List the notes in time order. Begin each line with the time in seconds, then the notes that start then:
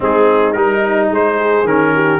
0.00 G#3 C4 D#4 G#4
0.52 G3 D#4 A#4
1.10 G#3 C5
1.38 G#4
1.64 D#3 C#4 A#4
1.94 G4